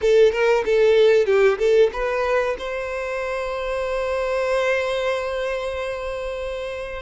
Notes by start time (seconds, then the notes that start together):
0.01 A4
0.32 A#4
0.65 A4
1.26 G4
1.58 A4
1.92 B4
2.58 C5